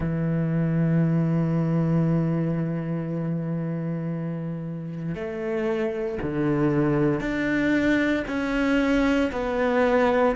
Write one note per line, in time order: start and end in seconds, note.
0.00 5.14 E3
5.14 6.18 A3
6.22 7.20 D3
7.20 8.23 D4
8.28 9.31 C#4
9.32 10.35 B3